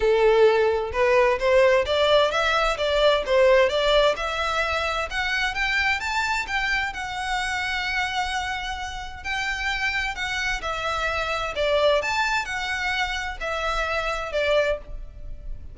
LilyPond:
\new Staff \with { instrumentName = "violin" } { \time 4/4 \tempo 4 = 130 a'2 b'4 c''4 | d''4 e''4 d''4 c''4 | d''4 e''2 fis''4 | g''4 a''4 g''4 fis''4~ |
fis''1 | g''2 fis''4 e''4~ | e''4 d''4 a''4 fis''4~ | fis''4 e''2 d''4 | }